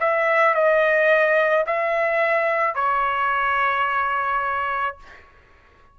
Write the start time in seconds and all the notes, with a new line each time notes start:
0.00 E5
0.54 D#5
1.66 E5
2.75 C#5